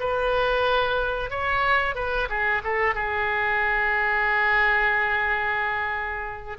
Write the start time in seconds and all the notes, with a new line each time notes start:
0.00 B4
1.31 C#5
1.95 B4
2.30 G#4
2.64 A4
2.95 G#4